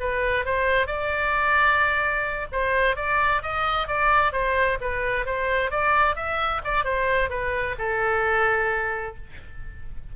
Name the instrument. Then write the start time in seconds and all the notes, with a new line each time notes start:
oboe
0.00 B4
0.45 C5
0.87 D5
2.52 C5
2.96 D5
3.42 D#5
3.87 D5
4.32 C5
4.81 B4
5.25 C5
5.71 D5
6.16 E5
6.65 D5
6.85 C5
7.30 B4
7.79 A4